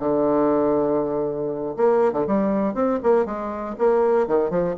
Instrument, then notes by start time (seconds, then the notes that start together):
bassoon
0.00 D3
1.77 A#3
2.13 D3
2.27 G3
2.75 C4
3.04 A#3
3.26 G#3
3.79 A#3
4.28 D#3
4.51 F3